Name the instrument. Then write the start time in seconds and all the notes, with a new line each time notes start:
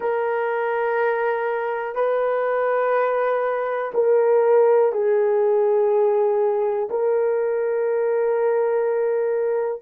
horn
0.00 A#4
1.94 B4
3.93 A#4
4.92 G#4
6.90 A#4